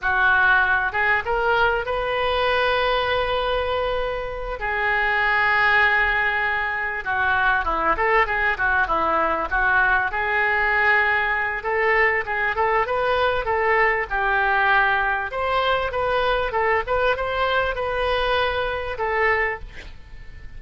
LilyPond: \new Staff \with { instrumentName = "oboe" } { \time 4/4 \tempo 4 = 98 fis'4. gis'8 ais'4 b'4~ | b'2.~ b'8 gis'8~ | gis'2.~ gis'8 fis'8~ | fis'8 e'8 a'8 gis'8 fis'8 e'4 fis'8~ |
fis'8 gis'2~ gis'8 a'4 | gis'8 a'8 b'4 a'4 g'4~ | g'4 c''4 b'4 a'8 b'8 | c''4 b'2 a'4 | }